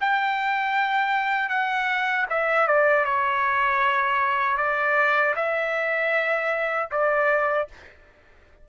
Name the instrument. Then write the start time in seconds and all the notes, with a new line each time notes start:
trumpet
0.00 G5
1.49 F#5
2.29 E5
2.67 D5
3.04 C#5
4.57 D5
5.35 E5
6.91 D5